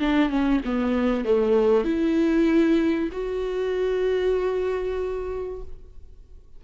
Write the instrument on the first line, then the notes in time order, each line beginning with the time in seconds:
viola
0.00 D4
0.30 C#4
0.65 B3
1.25 A3
1.85 E4
3.12 F#4